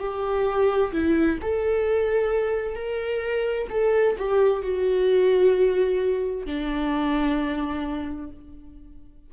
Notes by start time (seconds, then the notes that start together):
0.00 G4
0.92 E4
1.42 A4
2.76 A#4
3.70 A4
4.18 G4
4.62 F#4
6.46 D4